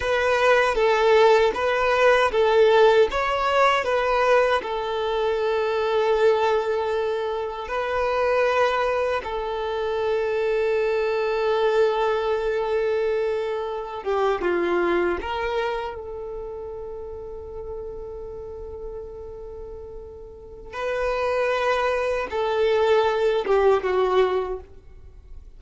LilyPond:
\new Staff \with { instrumentName = "violin" } { \time 4/4 \tempo 4 = 78 b'4 a'4 b'4 a'4 | cis''4 b'4 a'2~ | a'2 b'2 | a'1~ |
a'2~ a'16 g'8 f'4 ais'16~ | ais'8. a'2.~ a'16~ | a'2. b'4~ | b'4 a'4. g'8 fis'4 | }